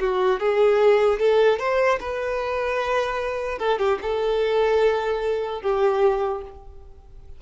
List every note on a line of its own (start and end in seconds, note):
0.00 0.40 F#4
0.40 1.20 G#4
1.20 1.59 A4
1.59 1.99 C5
2.00 3.59 B4
3.59 3.79 A4
3.79 3.99 G4
4.02 5.62 A4
5.62 6.42 G4